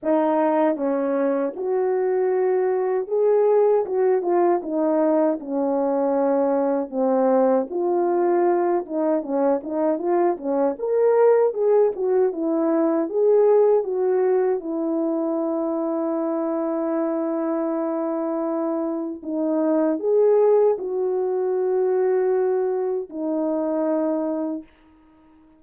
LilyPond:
\new Staff \with { instrumentName = "horn" } { \time 4/4 \tempo 4 = 78 dis'4 cis'4 fis'2 | gis'4 fis'8 f'8 dis'4 cis'4~ | cis'4 c'4 f'4. dis'8 | cis'8 dis'8 f'8 cis'8 ais'4 gis'8 fis'8 |
e'4 gis'4 fis'4 e'4~ | e'1~ | e'4 dis'4 gis'4 fis'4~ | fis'2 dis'2 | }